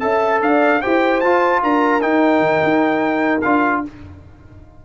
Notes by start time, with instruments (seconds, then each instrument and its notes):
0.00 tuba C#4, trombone A4, horn E5, trumpet A5
0.41 tuba D4, horn D5, trumpet F5
0.82 tuba E4, trombone G4, horn C5, trumpet G5
1.21 tuba F4, trombone F4, trumpet A5
1.63 tuba D4, horn A#4, trumpet A#5
2.01 trombone D#4, tuba D#4, trumpet G5
2.40 tuba D#3
2.63 tuba D#4
3.41 tuba D4, trombone F4, trumpet F5